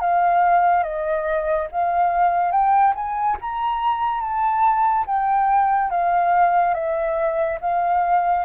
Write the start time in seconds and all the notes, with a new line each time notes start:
0.00 F5
0.83 D#5
1.72 F5
2.52 G5
2.95 G#5
3.41 A#5
4.21 A5
5.07 G5
5.90 F5
6.74 E5
7.61 F5